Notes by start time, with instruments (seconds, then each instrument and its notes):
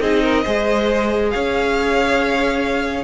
0.00 cello C4, viola D#4, violin G#4 D#5
0.22 violin A#4
0.43 cello G#3, viola G#4, violin C5
1.30 cello C#4, violin C#5 F5